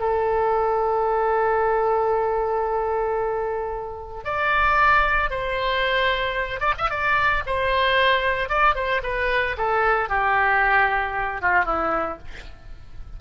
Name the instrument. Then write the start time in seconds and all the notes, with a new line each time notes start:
oboe
0.00 A4
4.24 D5
5.30 C5
6.60 D5
6.78 E5
6.90 D5
7.46 C5
8.49 D5
8.75 C5
9.03 B4
9.57 A4
10.09 G4
11.42 F4
11.65 E4